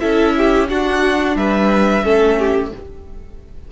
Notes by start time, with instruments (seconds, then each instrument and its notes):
0.00 cello C#4, viola E4, violin A4 E5
0.37 violin G4
0.69 viola D4, cello D4, violin F#4 F#5
1.36 cello G3, violin B4 E5
2.03 cello A3, viola C#4, violin A4
2.38 violin G4